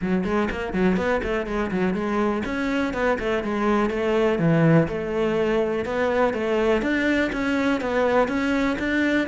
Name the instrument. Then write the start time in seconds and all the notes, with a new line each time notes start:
cello
0.01 F#3
0.24 G#3
0.50 A#3
0.73 F#3
0.96 B3
1.23 A3
1.46 G#3
1.71 F#3
1.94 G#3
2.45 C#4
2.93 B3
3.19 A3
3.43 G#3
3.90 A3
4.38 E3
4.88 A3
5.85 B3
6.33 A3
6.82 D4
7.32 C#4
7.80 B3
8.28 C#4
8.78 D4